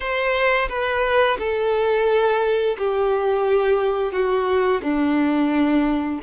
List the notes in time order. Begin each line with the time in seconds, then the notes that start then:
0.00 C5
0.68 B4
1.38 A4
2.77 G4
4.12 F#4
4.82 D4